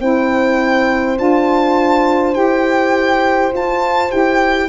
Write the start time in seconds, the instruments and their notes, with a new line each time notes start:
0.00 tuba C4, saxophone E4, horn C5, violin G5
1.17 tuba D4, saxophone F4, violin A5
2.33 tuba E4, saxophone G4, violin G5
3.53 tuba F4, saxophone F4, violin A5
4.09 tuba E4, saxophone G4, violin G5